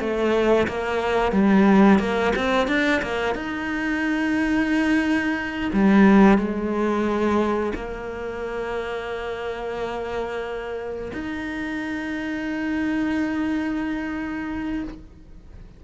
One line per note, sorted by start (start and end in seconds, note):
0.00 0.67 A3
0.68 1.32 A#3
1.32 1.99 G3
1.99 2.33 A#3
2.36 2.68 C4
2.68 3.02 D4
3.02 3.35 A#3
3.35 5.71 D#4
5.73 6.38 G3
6.38 7.73 G#3
7.75 11.12 A#3
11.13 14.84 D#4